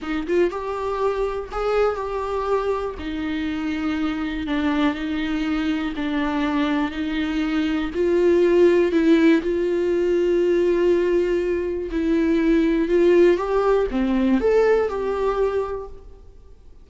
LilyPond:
\new Staff \with { instrumentName = "viola" } { \time 4/4 \tempo 4 = 121 dis'8 f'8 g'2 gis'4 | g'2 dis'2~ | dis'4 d'4 dis'2 | d'2 dis'2 |
f'2 e'4 f'4~ | f'1 | e'2 f'4 g'4 | c'4 a'4 g'2 | }